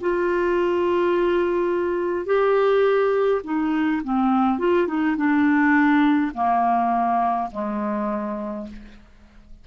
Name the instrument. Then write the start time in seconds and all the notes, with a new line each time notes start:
clarinet
0.00 F4
2.26 G4
3.44 D#4
4.03 C4
4.58 F4
4.87 D#4
5.16 D4
6.34 A#3
7.51 G#3